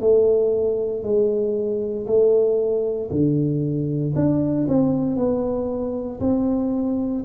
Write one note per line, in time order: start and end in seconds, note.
0.00 1.03 A3
1.03 2.06 G#3
2.06 3.09 A3
3.10 4.14 D3
4.15 4.66 D4
4.68 5.16 C4
5.16 6.19 B3
6.20 7.23 C4